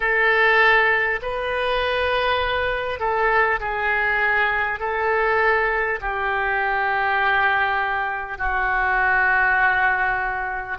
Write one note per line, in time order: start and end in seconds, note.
0.00 1.19 A4
1.22 2.99 B4
2.99 3.59 A4
3.59 4.79 G#4
4.79 5.99 A4
6.00 8.38 G4
8.38 10.78 F#4